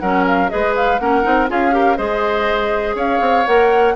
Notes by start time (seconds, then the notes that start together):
0.00 F#3 C#4 A#4 F#5
0.27 F5
0.49 G#3 G#4 B4 D#5
0.76 F5
0.99 A#3 C#4 A#4 F#5
1.23 C4 D#4
1.48 C#4 F4 G#4 F5
1.72 G4 A#4
1.97 G#3 G#4 C5 D#5
2.95 C#4 C#5 F5
3.21 C4
3.47 A#3 A#4 F#5